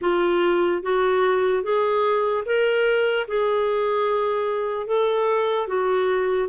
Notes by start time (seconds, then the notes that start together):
0.01 F4
0.82 F#4
1.63 G#4
2.45 A#4
3.27 G#4
4.86 A4
5.68 F#4